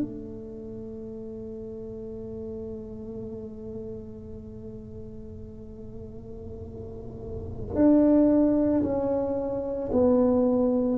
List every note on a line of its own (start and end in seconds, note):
0.00 7.75 A3
7.75 8.82 D4
8.82 9.90 C#4
9.92 10.98 B3